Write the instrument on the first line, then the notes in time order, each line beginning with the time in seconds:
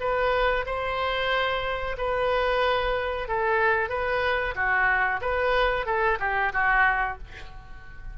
oboe
0.00 B4
0.66 C5
1.97 B4
3.28 A4
3.90 B4
4.55 F#4
5.21 B4
5.86 A4
6.20 G4
6.53 F#4